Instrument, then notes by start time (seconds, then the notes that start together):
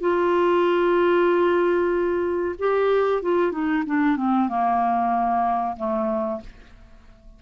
clarinet
0.00 F4
2.59 G4
3.22 F4
3.51 D#4
3.86 D4
4.16 C4
4.48 A#3
5.76 A3